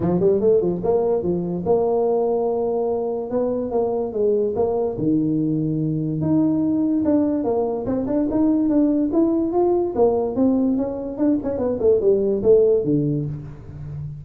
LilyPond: \new Staff \with { instrumentName = "tuba" } { \time 4/4 \tempo 4 = 145 f8 g8 a8 f8 ais4 f4 | ais1 | b4 ais4 gis4 ais4 | dis2. dis'4~ |
dis'4 d'4 ais4 c'8 d'8 | dis'4 d'4 e'4 f'4 | ais4 c'4 cis'4 d'8 cis'8 | b8 a8 g4 a4 d4 | }